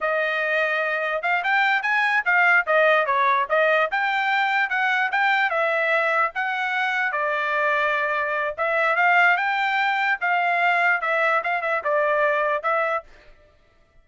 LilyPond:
\new Staff \with { instrumentName = "trumpet" } { \time 4/4 \tempo 4 = 147 dis''2. f''8 g''8~ | g''8 gis''4 f''4 dis''4 cis''8~ | cis''8 dis''4 g''2 fis''8~ | fis''8 g''4 e''2 fis''8~ |
fis''4. d''2~ d''8~ | d''4 e''4 f''4 g''4~ | g''4 f''2 e''4 | f''8 e''8 d''2 e''4 | }